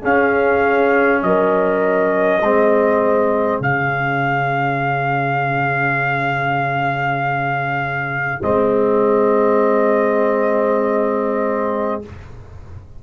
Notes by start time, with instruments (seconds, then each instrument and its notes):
0.00 trombone C#4, tuba C#4, horn G#4, trumpet F5
1.22 tuba F#3, horn A#4, trumpet D#5
2.41 tuba G#3, trombone C4, horn G#4
3.60 tuba C#3, trombone C#4, trumpet F5
8.42 tuba G#3, trombone C4, trumpet D#5